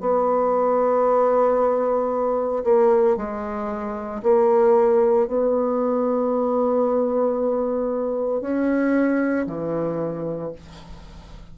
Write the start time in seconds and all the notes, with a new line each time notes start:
0.00 B3
2.64 A#3
3.16 G#3
4.22 A#3
5.27 B3
8.41 C#4
9.46 E3